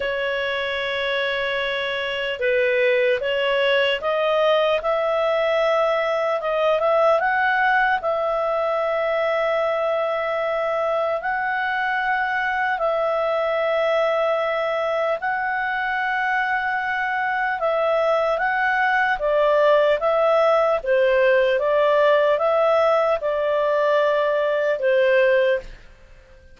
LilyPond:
\new Staff \with { instrumentName = "clarinet" } { \time 4/4 \tempo 4 = 75 cis''2. b'4 | cis''4 dis''4 e''2 | dis''8 e''8 fis''4 e''2~ | e''2 fis''2 |
e''2. fis''4~ | fis''2 e''4 fis''4 | d''4 e''4 c''4 d''4 | e''4 d''2 c''4 | }